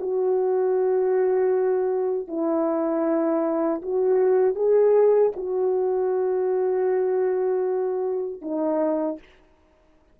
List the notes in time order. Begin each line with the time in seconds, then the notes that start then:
0.00 F#4
2.28 E4
3.82 F#4
4.55 G#4
5.36 F#4
8.42 D#4